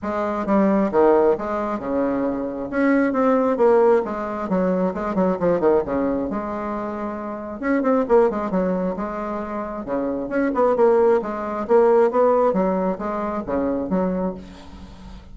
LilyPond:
\new Staff \with { instrumentName = "bassoon" } { \time 4/4 \tempo 4 = 134 gis4 g4 dis4 gis4 | cis2 cis'4 c'4 | ais4 gis4 fis4 gis8 fis8 | f8 dis8 cis4 gis2~ |
gis4 cis'8 c'8 ais8 gis8 fis4 | gis2 cis4 cis'8 b8 | ais4 gis4 ais4 b4 | fis4 gis4 cis4 fis4 | }